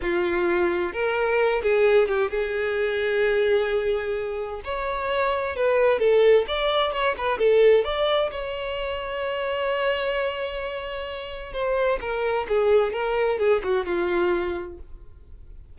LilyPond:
\new Staff \with { instrumentName = "violin" } { \time 4/4 \tempo 4 = 130 f'2 ais'4. gis'8~ | gis'8 g'8 gis'2.~ | gis'2 cis''2 | b'4 a'4 d''4 cis''8 b'8 |
a'4 d''4 cis''2~ | cis''1~ | cis''4 c''4 ais'4 gis'4 | ais'4 gis'8 fis'8 f'2 | }